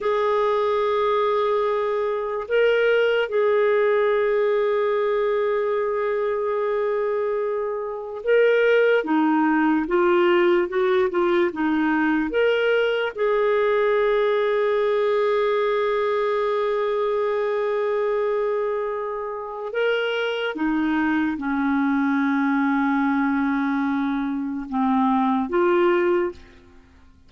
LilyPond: \new Staff \with { instrumentName = "clarinet" } { \time 4/4 \tempo 4 = 73 gis'2. ais'4 | gis'1~ | gis'2 ais'4 dis'4 | f'4 fis'8 f'8 dis'4 ais'4 |
gis'1~ | gis'1 | ais'4 dis'4 cis'2~ | cis'2 c'4 f'4 | }